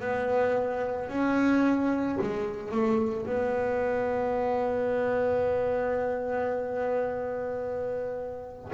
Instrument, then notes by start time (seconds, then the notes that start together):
double bass
0.00 B3
1.09 C#4
2.22 G#3
2.72 A3
3.26 B3